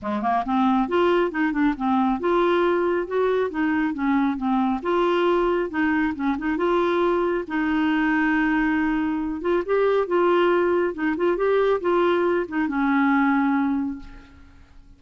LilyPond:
\new Staff \with { instrumentName = "clarinet" } { \time 4/4 \tempo 4 = 137 gis8 ais8 c'4 f'4 dis'8 d'8 | c'4 f'2 fis'4 | dis'4 cis'4 c'4 f'4~ | f'4 dis'4 cis'8 dis'8 f'4~ |
f'4 dis'2.~ | dis'4. f'8 g'4 f'4~ | f'4 dis'8 f'8 g'4 f'4~ | f'8 dis'8 cis'2. | }